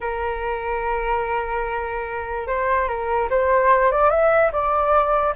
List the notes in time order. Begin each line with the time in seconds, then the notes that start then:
0.00 A#4
2.47 C5
2.87 A#4
3.30 C5
3.91 D5
4.10 E5
4.52 D5